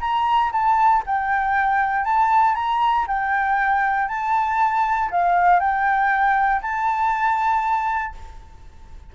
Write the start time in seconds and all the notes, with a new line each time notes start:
0.00 A#5
0.52 A5
1.06 G5
2.04 A5
2.55 A#5
3.07 G5
4.08 A5
5.11 F5
5.60 G5
6.62 A5